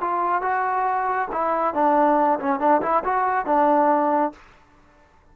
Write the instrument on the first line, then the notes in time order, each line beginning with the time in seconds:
trombone
0.00 F4
0.41 F#4
1.31 E4
1.74 D4
2.39 C#4
2.59 D4
2.81 E4
3.04 F#4
3.45 D4